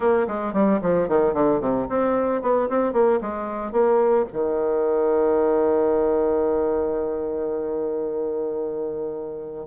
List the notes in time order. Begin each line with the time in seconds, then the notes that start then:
0.00 A#3
0.27 G#3
0.53 G3
0.81 F3
1.08 D#3
1.33 D3
1.60 C3
1.89 C4
2.42 B3
2.69 C4
2.92 A#3
3.21 G#3
3.72 A#3
4.32 D#3